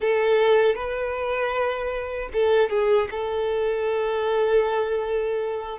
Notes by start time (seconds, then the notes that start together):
0.00 A4
0.75 B4
2.32 A4
2.69 G#4
3.10 A4